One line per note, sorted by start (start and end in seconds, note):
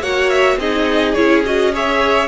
0.00 0.57 A#3
0.00 0.59 F#4
0.00 0.57 C#5
0.00 0.29 F#5
0.29 0.58 E5
0.57 1.13 C4
0.57 1.16 D#4
0.57 1.73 G#4
0.57 1.14 D#5
1.14 2.27 C#4
1.14 1.44 E4
1.14 1.42 C#5
1.45 1.72 F#4
1.45 1.74 D#5
1.72 2.27 G#4
1.72 2.27 C#5
1.72 2.27 E5